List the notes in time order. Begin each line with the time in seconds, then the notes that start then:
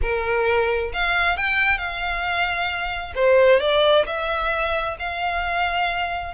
0.02 A#4
0.93 F5
1.37 G5
1.78 F5
3.15 C5
3.60 D5
4.06 E5
4.99 F5